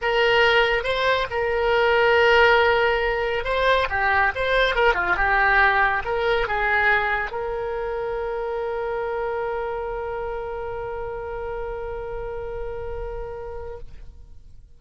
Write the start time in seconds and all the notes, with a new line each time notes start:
0.01 A#4
0.83 C5
1.30 A#4
3.44 C5
3.89 G4
4.35 C5
4.75 A#4
4.94 F4
5.16 G4
6.05 A#4
6.47 G#4
7.31 A#4